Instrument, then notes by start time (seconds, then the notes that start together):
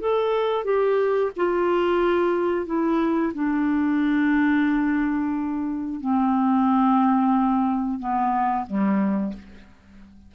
clarinet
0.00 A4
0.64 G4
1.36 F4
2.66 E4
3.34 D4
6.00 C4
7.99 B3
8.66 G3